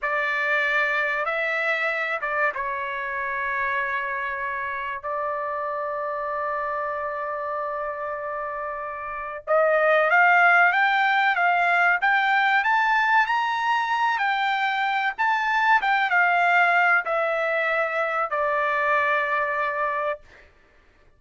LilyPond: \new Staff \with { instrumentName = "trumpet" } { \time 4/4 \tempo 4 = 95 d''2 e''4. d''8 | cis''1 | d''1~ | d''2. dis''4 |
f''4 g''4 f''4 g''4 | a''4 ais''4. g''4. | a''4 g''8 f''4. e''4~ | e''4 d''2. | }